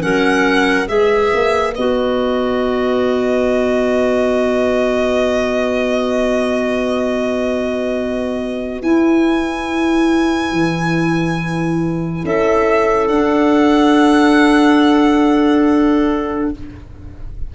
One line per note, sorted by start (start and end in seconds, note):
0.00 0.89 F#3
0.00 0.86 C#4
0.00 0.88 A#4
0.00 0.87 F#5
0.87 1.32 G#3
0.87 1.73 G#4
0.87 12.24 B4
0.87 1.74 E5
1.34 1.77 A#3
1.75 8.82 B3
1.75 8.83 F#4
1.75 8.82 D#5
8.82 10.52 E4
8.82 13.12 E4
8.82 12.25 G#5
10.52 12.23 E3
12.24 13.08 C#4
12.24 16.54 A4
12.24 13.07 E5
13.07 16.51 D4
13.07 16.55 D4
13.07 16.50 F#5